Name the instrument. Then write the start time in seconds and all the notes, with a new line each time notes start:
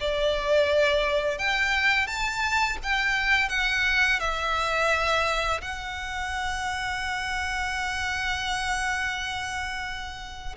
violin
0.00 D5
1.38 G5
2.07 A5
2.83 G5
3.49 F#5
4.19 E5
5.61 F#5